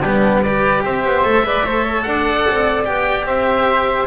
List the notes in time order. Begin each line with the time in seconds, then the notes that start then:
0.00 G3 B3 D4 G4
0.42 G4 B4 D5
0.84 C4 C5 E5
1.04 B3
1.24 A3 A4
1.44 G#3 B4 D5
1.64 A3 A4 C5
1.84 C#5
2.02 D4 D5 F#5
2.49 C4
2.84 B3 G4 G5
3.24 C4 C5 E5